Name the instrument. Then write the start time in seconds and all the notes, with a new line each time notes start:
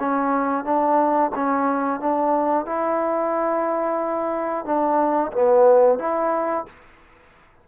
trombone
0.00 C#4
0.65 D4
1.36 C#4
2.00 D4
2.66 E4
4.65 D4
5.33 B3
5.99 E4